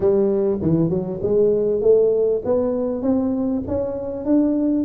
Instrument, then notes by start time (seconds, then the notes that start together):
tuba
0.00 G3
0.61 E3
0.89 F#3
1.22 G#3
1.81 A3
2.44 B3
3.02 C4
3.67 C#4
4.25 D4